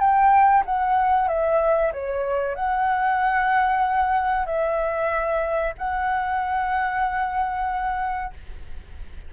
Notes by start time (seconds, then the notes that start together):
0.00 G5
0.66 F#5
1.29 E5
1.93 C#5
2.55 F#5
4.46 E5
5.78 F#5